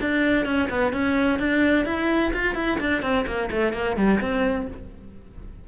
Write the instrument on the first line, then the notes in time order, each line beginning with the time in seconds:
cello
0.00 D4
0.45 C#4
0.70 B3
0.92 C#4
1.39 D4
1.85 E4
2.33 F4
2.55 E4
2.79 D4
3.02 C4
3.26 A#3
3.50 A3
3.73 A#3
3.96 G3
4.20 C4